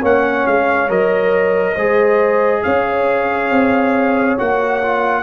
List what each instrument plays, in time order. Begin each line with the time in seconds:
0.00 tuba A#3, trombone C#4, horn C#5, trumpet F#5
0.47 tuba G#3, trumpet F5
0.89 tuba F#3, trombone A#4, trumpet D#5
1.74 tuba G#3, trombone G#4, horn C5
2.63 tuba C#4, horn C#5, trumpet F5
3.51 tuba C4
4.38 tuba A#3, trombone F#4, trumpet F#5
4.83 trombone F4